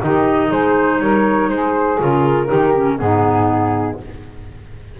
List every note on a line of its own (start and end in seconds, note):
0.00 0.50 D#3
0.00 1.98 D#4
0.00 0.48 G4
0.00 0.51 D#5
0.48 0.99 G#3
0.48 0.97 G#4
0.48 1.00 C5
0.99 1.48 G3
0.99 1.50 A#4
0.99 1.49 C#5
1.48 1.98 G#3
1.48 2.47 G#4
1.48 1.99 C5
1.99 2.49 C#3
1.99 2.47 F4
1.99 2.98 A#4
2.47 3.00 D#3
2.47 2.72 D#4
2.47 2.96 G4
2.76 2.97 C#4
2.97 3.99 G#2
2.97 3.97 B3
2.97 4.00 D#4
2.97 3.97 G#4